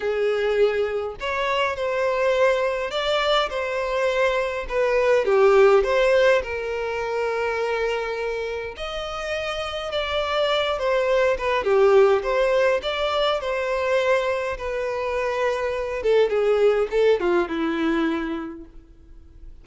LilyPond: \new Staff \with { instrumentName = "violin" } { \time 4/4 \tempo 4 = 103 gis'2 cis''4 c''4~ | c''4 d''4 c''2 | b'4 g'4 c''4 ais'4~ | ais'2. dis''4~ |
dis''4 d''4. c''4 b'8 | g'4 c''4 d''4 c''4~ | c''4 b'2~ b'8 a'8 | gis'4 a'8 f'8 e'2 | }